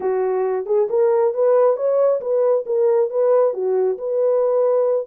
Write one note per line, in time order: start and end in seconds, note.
0.00 0.65 F#4
0.65 0.87 G#4
0.89 1.34 A#4
1.34 1.76 B4
1.76 2.20 C#5
2.20 2.65 B4
2.66 3.09 A#4
3.09 3.53 B4
3.53 3.97 F#4
3.98 5.06 B4